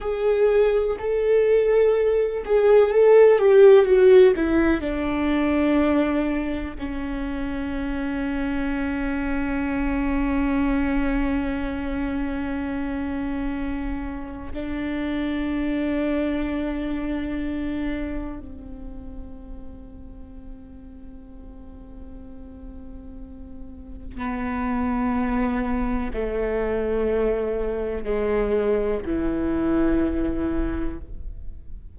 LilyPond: \new Staff \with { instrumentName = "viola" } { \time 4/4 \tempo 4 = 62 gis'4 a'4. gis'8 a'8 g'8 | fis'8 e'8 d'2 cis'4~ | cis'1~ | cis'2. d'4~ |
d'2. c'4~ | c'1~ | c'4 b2 a4~ | a4 gis4 e2 | }